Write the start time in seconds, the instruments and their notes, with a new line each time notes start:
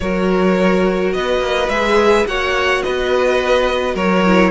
0.00 cello F#3, viola F#4, violin A#4 C#5
1.13 cello B3, violin B4 D#5
1.39 cello A#3
1.68 cello G#3, viola G#4, violin E5
2.25 cello A#3, viola F#4, violin C#5 F#5
2.82 cello B3, violin B4 D#5
3.94 cello F#3, violin A#4 C#5
4.25 viola E4